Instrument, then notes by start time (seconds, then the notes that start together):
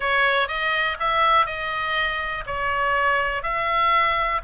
oboe
0.00 C#5
0.48 D#5
0.99 E5
1.46 D#5
2.46 C#5
3.42 E5